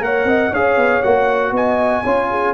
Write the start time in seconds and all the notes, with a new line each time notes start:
0.00 A#3 A#4 C#5 F#5
0.25 C4 D#5
0.51 C#4 G#4 C#5 F5
0.77 B3
1.03 A#3 F#4 F#5
1.52 B3 D#5 G#5
2.04 C#4 F4 C#5
2.30 G#4